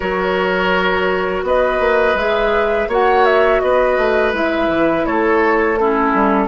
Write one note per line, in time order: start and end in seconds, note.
0.00 1.42 F#3
0.00 2.17 F#4
0.00 1.44 A#4
0.00 1.43 C#5
1.42 1.79 B3
1.42 2.88 B4
1.42 2.17 D#5
1.79 2.14 A#3
2.14 2.87 G#3
2.14 2.89 G#4
2.14 2.89 E5
2.88 3.60 A#3
2.88 4.32 F#4
2.88 3.61 C#5
2.88 3.25 F#5
3.25 3.60 E5
3.60 3.97 B3
3.60 5.06 B4
3.60 4.32 D#5
3.97 4.32 A3
4.32 4.68 G#3
4.32 5.77 E4
4.32 5.05 E5
4.68 5.04 E3
5.05 6.13 A3
5.05 5.78 A4
5.05 5.77 C#5
5.77 6.47 C#4
5.77 6.47 E4
5.77 6.47 A4
6.13 6.47 G3